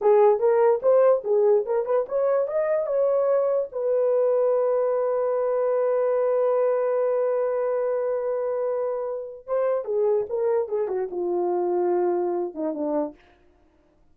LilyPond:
\new Staff \with { instrumentName = "horn" } { \time 4/4 \tempo 4 = 146 gis'4 ais'4 c''4 gis'4 | ais'8 b'8 cis''4 dis''4 cis''4~ | cis''4 b'2.~ | b'1~ |
b'1~ | b'2. c''4 | gis'4 ais'4 gis'8 fis'8 f'4~ | f'2~ f'8 dis'8 d'4 | }